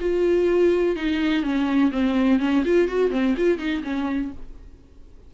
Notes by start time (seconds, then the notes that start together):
0.00 F4
0.96 D#4
1.43 C#4
1.91 C4
2.39 C#4
2.64 F4
2.88 F#4
3.11 C4
3.37 F4
3.58 D#4
3.83 C#4